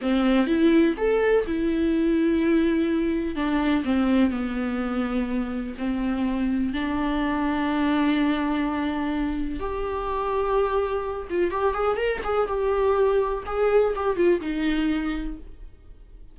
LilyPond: \new Staff \with { instrumentName = "viola" } { \time 4/4 \tempo 4 = 125 c'4 e'4 a'4 e'4~ | e'2. d'4 | c'4 b2. | c'2 d'2~ |
d'1 | g'2.~ g'8 f'8 | g'8 gis'8 ais'8 gis'8 g'2 | gis'4 g'8 f'8 dis'2 | }